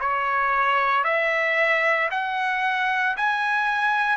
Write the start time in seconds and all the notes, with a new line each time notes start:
0.00 C#5
1.04 E5
2.11 F#5
3.17 G#5